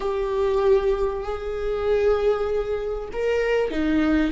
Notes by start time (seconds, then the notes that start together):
0.00 G4
1.23 G#4
3.12 A#4
3.71 D#4